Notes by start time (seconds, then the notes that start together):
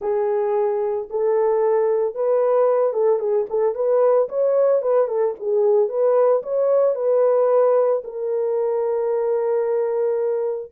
0.01 G#4
1.10 A4
2.14 B4
2.93 A4
3.19 G#4
3.49 A4
3.75 B4
4.29 C#5
4.82 B4
5.07 A4
5.39 G#4
5.88 B4
6.43 C#5
6.95 B4
8.04 A#4